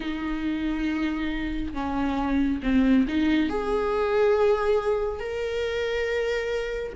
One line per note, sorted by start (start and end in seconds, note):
0.00 1.74 D#4
1.74 2.60 C#4
2.62 3.06 C4
3.08 3.49 D#4
3.49 5.19 G#4
5.19 6.93 A#4